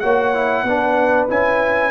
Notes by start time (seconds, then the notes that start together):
0.00 A#3 F#4 C#5 F#5
0.34 E4
0.64 B3 D4 B4
1.29 C#4 E4 G#5